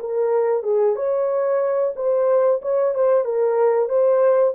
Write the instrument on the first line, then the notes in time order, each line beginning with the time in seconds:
horn
0.00 A#4
0.63 G#4
0.96 C#5
1.96 C5
2.62 C#5
2.95 C5
3.25 A#4
3.89 C5